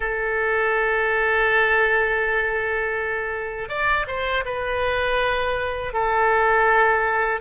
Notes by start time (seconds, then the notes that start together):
0.00 A4
3.68 D5
4.07 C5
4.45 B4
5.93 A4